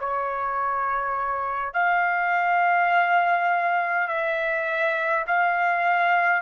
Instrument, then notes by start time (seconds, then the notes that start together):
trumpet
0.00 C#5
1.74 F5
4.08 E5
5.27 F5